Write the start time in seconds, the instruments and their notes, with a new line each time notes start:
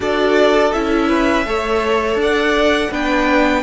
0.00 cello D4, viola F#4, violin A4 D5
0.72 cello C#4, viola E4, violin E5
1.09 violin B4
1.45 cello A3, viola A4, violin C#5
2.15 cello D4, violin D5
2.22 violin F#5
2.90 cello B3, viola D4, violin B4 G5